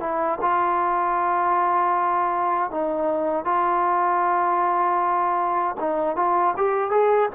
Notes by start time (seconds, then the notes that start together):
0.00 E4
0.41 F4
2.71 D#4
3.45 F4
5.80 D#4
6.16 F4
6.57 G4
6.91 G#4